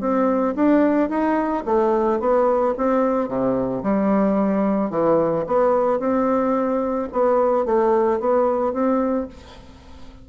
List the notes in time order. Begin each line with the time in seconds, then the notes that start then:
0.00 C4
0.56 D4
1.09 D#4
1.65 A3
2.20 B3
2.77 C4
3.28 C3
3.83 G3
4.90 E3
5.46 B3
5.99 C4
7.12 B3
7.65 A3
8.20 B3
8.73 C4